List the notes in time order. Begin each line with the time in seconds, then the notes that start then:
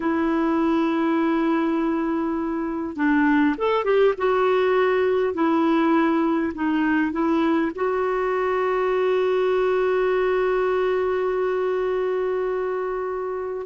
0.00 E4
2.96 D4
3.57 A4
3.84 G4
4.17 F#4
5.34 E4
6.54 D#4
7.12 E4
7.75 F#4